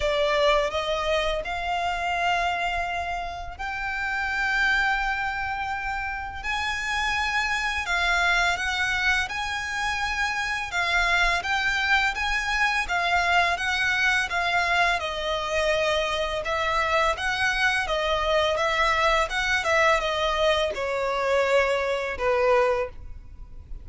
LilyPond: \new Staff \with { instrumentName = "violin" } { \time 4/4 \tempo 4 = 84 d''4 dis''4 f''2~ | f''4 g''2.~ | g''4 gis''2 f''4 | fis''4 gis''2 f''4 |
g''4 gis''4 f''4 fis''4 | f''4 dis''2 e''4 | fis''4 dis''4 e''4 fis''8 e''8 | dis''4 cis''2 b'4 | }